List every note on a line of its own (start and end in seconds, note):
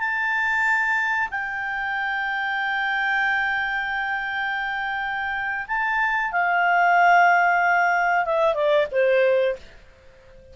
0.00 1.29 A5
1.31 5.66 G5
5.68 6.32 A5
6.32 8.25 F5
8.25 8.55 E5
8.55 8.87 D5
8.92 9.56 C5